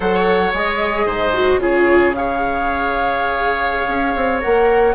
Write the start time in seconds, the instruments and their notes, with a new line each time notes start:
0.00 bassoon F#3, viola A4, oboe C#5, flute F#5
0.53 bassoon G#3, viola G#4, flute D#5
1.05 bassoon G#2, oboe C5
1.33 viola F#4
1.57 bassoon C#3, viola F4, oboe G#4, flute C#5
2.14 viola G#4, oboe C#5, flute F5
3.87 bassoon C#4
4.15 bassoon C4
4.40 bassoon A#3, viola A#4, flute F#5